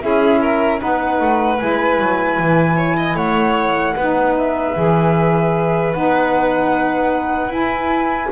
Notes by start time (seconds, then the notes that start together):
0.00 C#4 E4 G#4 E5
0.41 A#4
0.78 B3 D#4 B4 F#5
1.20 A3
1.58 G#3 E4 G#5
1.99 F#3
2.39 E3
2.76 C#5
2.97 D#5
3.15 A3 C#5 F#5
3.95 B3 D#4 B4
4.37 E5
4.76 E3 G#4
5.93 B3 D#4 F#5
7.48 E4 G#5